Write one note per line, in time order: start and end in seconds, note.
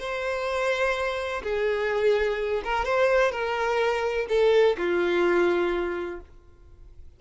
0.00 1.43 C5
1.44 2.63 G#4
2.65 2.85 A#4
2.85 3.32 C5
3.32 4.27 A#4
4.29 4.77 A4
4.78 6.21 F4